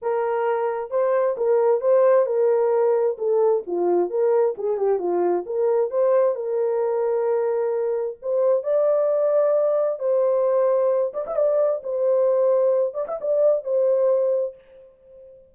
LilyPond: \new Staff \with { instrumentName = "horn" } { \time 4/4 \tempo 4 = 132 ais'2 c''4 ais'4 | c''4 ais'2 a'4 | f'4 ais'4 gis'8 g'8 f'4 | ais'4 c''4 ais'2~ |
ais'2 c''4 d''4~ | d''2 c''2~ | c''8 d''16 e''16 d''4 c''2~ | c''8 d''16 e''16 d''4 c''2 | }